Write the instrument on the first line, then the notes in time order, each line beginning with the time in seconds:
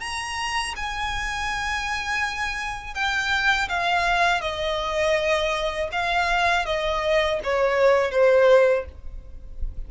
violin
0.00 A#5
0.76 G#5
2.94 G5
3.68 F5
4.41 D#5
5.92 F5
6.66 D#5
7.43 C#5
8.11 C5